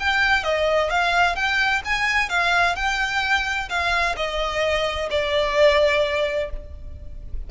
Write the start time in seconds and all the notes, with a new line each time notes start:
0.00 G5
0.44 D#5
0.90 F5
1.36 G5
1.85 G#5
2.30 F5
2.76 G5
3.70 F5
4.17 D#5
5.11 D5